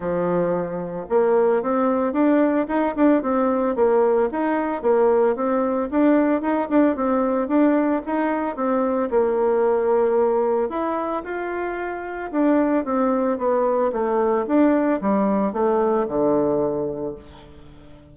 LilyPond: \new Staff \with { instrumentName = "bassoon" } { \time 4/4 \tempo 4 = 112 f2 ais4 c'4 | d'4 dis'8 d'8 c'4 ais4 | dis'4 ais4 c'4 d'4 | dis'8 d'8 c'4 d'4 dis'4 |
c'4 ais2. | e'4 f'2 d'4 | c'4 b4 a4 d'4 | g4 a4 d2 | }